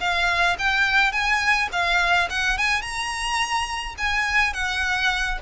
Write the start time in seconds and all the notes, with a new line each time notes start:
0.00 F5
0.58 G5
1.12 G#5
1.72 F5
2.30 F#5
2.58 G#5
2.82 A#5
3.98 G#5
4.53 F#5